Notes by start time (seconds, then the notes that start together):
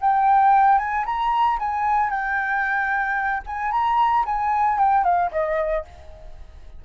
0.00 G5
0.78 G#5
1.05 A#5
1.59 G#5
2.10 G5
3.46 G#5
3.71 A#5
4.25 G#5
4.78 G5
5.04 F5
5.31 D#5